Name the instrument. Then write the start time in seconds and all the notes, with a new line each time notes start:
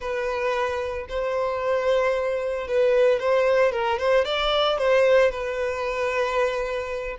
violin
0.00 B4
1.09 C5
2.67 B4
3.19 C5
3.72 A#4
3.98 C5
4.25 D5
4.78 C5
5.31 B4